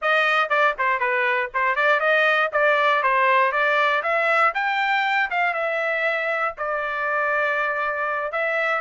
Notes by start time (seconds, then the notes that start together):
0.01 D#5
0.49 D5
0.78 C5
0.99 B4
1.54 C5
1.75 D5
2.00 D#5
2.52 D5
3.02 C5
3.52 D5
4.02 E5
4.54 G5
5.30 F5
5.53 E5
6.57 D5
8.32 E5